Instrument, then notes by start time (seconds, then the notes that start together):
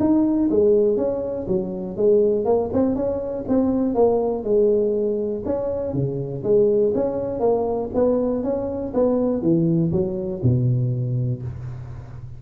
tuba
0.00 D#4
0.50 G#3
0.98 C#4
1.48 F#3
1.97 G#3
2.45 A#3
2.73 C4
2.96 C#4
3.48 C4
3.95 A#3
4.44 G#3
5.45 C#4
5.94 C#3
6.44 G#3
6.95 C#4
7.40 A#3
7.95 B3
8.44 C#4
8.94 B3
9.42 E3
9.92 F#3
10.43 B2